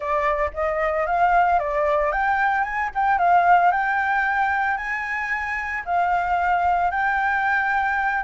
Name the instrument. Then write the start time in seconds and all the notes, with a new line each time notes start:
flute
0.00 D5
0.53 D#5
1.06 F5
1.59 D5
2.12 G5
2.63 G#5
2.95 G5
3.18 F5
3.71 G5
4.77 G#5
5.85 F5
6.91 G5